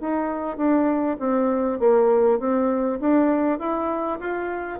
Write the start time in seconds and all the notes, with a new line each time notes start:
0.00 D#4
0.57 D4
1.19 C4
1.79 A#3
2.39 C4
3.00 D4
3.59 E4
4.20 F4